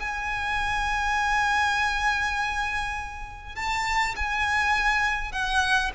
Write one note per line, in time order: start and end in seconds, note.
0.00 3.56 G#5
3.56 4.16 A5
4.16 5.32 G#5
5.32 5.92 F#5